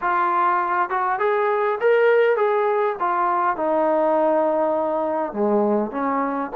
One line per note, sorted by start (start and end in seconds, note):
0.01 0.89 F4
0.89 1.19 F#4
1.19 1.78 G#4
1.80 2.36 A#4
2.36 2.95 G#4
2.99 3.56 F4
3.56 5.32 D#4
5.32 5.91 G#3
5.91 6.50 C#4